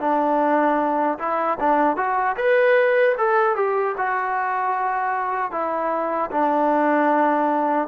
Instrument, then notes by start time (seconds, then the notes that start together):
trombone
0.00 D4
1.19 E4
1.60 D4
1.97 F#4
2.36 B4
3.18 A4
3.56 G4
3.98 F#4
5.51 E4
6.31 D4